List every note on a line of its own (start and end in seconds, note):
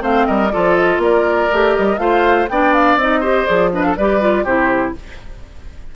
0.00 0.27 A3
0.00 0.49 C4
0.00 0.27 C5
0.00 0.27 F5
0.27 0.54 G3
0.27 0.52 A#4
0.27 0.51 D#5
0.51 0.98 F3
0.51 1.51 F4
0.51 1.02 A4
0.51 0.75 D5
0.75 1.00 D#5
0.98 1.47 A#3
0.98 2.00 A#4
0.98 1.76 D5
1.52 1.77 A3
1.52 1.99 G4
1.76 1.98 G3
1.76 1.98 D#5
1.98 2.47 A3
1.98 2.48 F4
1.98 2.50 C5
1.98 2.48 F5
2.49 2.96 B3
2.49 3.01 D4
2.49 3.20 D5
2.49 2.74 G5
2.74 2.98 F5
2.96 3.45 C4
2.96 3.23 D#4
2.96 3.46 D#5
3.20 3.47 G4
3.20 3.70 C5
3.46 3.98 F3
3.46 3.71 G#4
3.46 3.71 D5
3.72 3.97 D4
3.72 3.87 B4
3.72 3.82 D#5
3.82 3.97 A4
3.82 3.95 F5
3.97 4.45 G3
3.97 4.21 G4
3.97 4.44 B4
3.97 4.45 D5
4.21 4.45 F4
4.44 4.94 C3
4.44 4.96 E4
4.44 4.93 G4
4.44 4.95 C5